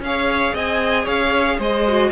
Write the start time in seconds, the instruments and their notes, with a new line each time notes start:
0.00 cello C#4, viola G#4, violin F5
0.07 violin C#5
0.54 cello C4, violin D#5 G#5
1.04 cello C#4, violin C#5 F5
1.58 cello G#3, violin C5 D#5
1.88 viola F#4